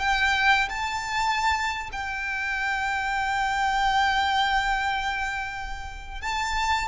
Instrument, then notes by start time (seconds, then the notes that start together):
violin
0.00 G5
0.70 A5
1.93 G5
6.22 A5